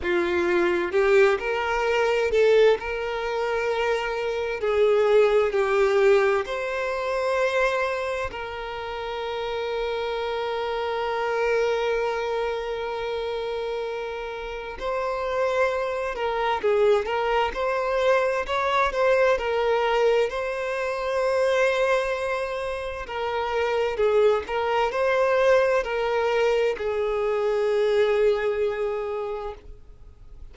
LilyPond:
\new Staff \with { instrumentName = "violin" } { \time 4/4 \tempo 4 = 65 f'4 g'8 ais'4 a'8 ais'4~ | ais'4 gis'4 g'4 c''4~ | c''4 ais'2.~ | ais'1 |
c''4. ais'8 gis'8 ais'8 c''4 | cis''8 c''8 ais'4 c''2~ | c''4 ais'4 gis'8 ais'8 c''4 | ais'4 gis'2. | }